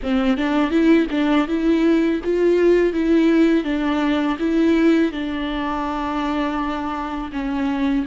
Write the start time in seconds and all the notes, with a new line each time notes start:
0.02 C4
0.37 D4
0.70 E4
1.10 D4
1.47 E4
2.24 F4
2.93 E4
3.64 D4
4.39 E4
5.12 D4
7.32 C#4